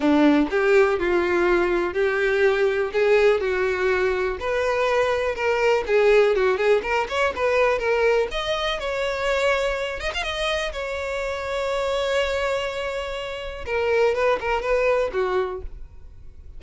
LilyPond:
\new Staff \with { instrumentName = "violin" } { \time 4/4 \tempo 4 = 123 d'4 g'4 f'2 | g'2 gis'4 fis'4~ | fis'4 b'2 ais'4 | gis'4 fis'8 gis'8 ais'8 cis''8 b'4 |
ais'4 dis''4 cis''2~ | cis''8 dis''16 f''16 dis''4 cis''2~ | cis''1 | ais'4 b'8 ais'8 b'4 fis'4 | }